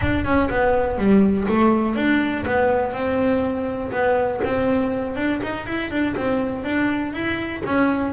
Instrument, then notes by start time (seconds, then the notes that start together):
double bass
0.01 D4
0.24 C#4
0.50 B3
0.97 G3
1.48 A3
1.95 D4
2.45 B3
2.93 C4
3.91 B3
4.44 C4
5.16 D4
5.42 D#4
5.66 E4
5.90 D4
6.16 C4
6.64 D4
7.13 E4
7.65 C#4